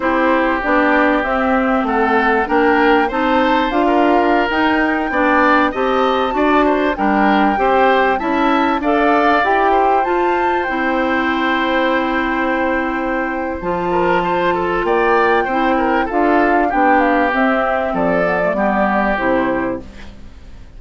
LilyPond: <<
  \new Staff \with { instrumentName = "flute" } { \time 4/4 \tempo 4 = 97 c''4 d''4 e''4 fis''4 | g''4 a''4 f''4~ f''16 g''8.~ | g''4~ g''16 a''2 g''8.~ | g''4~ g''16 a''4 f''4 g''8.~ |
g''16 a''4 g''2~ g''8.~ | g''2 a''2 | g''2 f''4 g''8 f''8 | e''4 d''2 c''4 | }
  \new Staff \with { instrumentName = "oboe" } { \time 4/4 g'2. a'4 | ais'4 c''4~ c''16 ais'4.~ ais'16~ | ais'16 d''4 dis''4 d''8 c''8 ais'8.~ | ais'16 c''4 e''4 d''4. c''16~ |
c''1~ | c''2~ c''8 ais'8 c''8 a'8 | d''4 c''8 ais'8 a'4 g'4~ | g'4 a'4 g'2 | }
  \new Staff \with { instrumentName = "clarinet" } { \time 4/4 e'4 d'4 c'2 | d'4 dis'4 f'4~ f'16 dis'8.~ | dis'16 d'4 g'4 fis'4 d'8.~ | d'16 g'4 e'4 a'4 g'8.~ |
g'16 f'4 e'2~ e'8.~ | e'2 f'2~ | f'4 e'4 f'4 d'4 | c'4. b16 a16 b4 e'4 | }
  \new Staff \with { instrumentName = "bassoon" } { \time 4/4 c'4 b4 c'4 a4 | ais4 c'4 d'4~ d'16 dis'8.~ | dis'16 b4 c'4 d'4 g8.~ | g16 c'4 cis'4 d'4 e'8.~ |
e'16 f'4 c'2~ c'8.~ | c'2 f2 | ais4 c'4 d'4 b4 | c'4 f4 g4 c4 | }
>>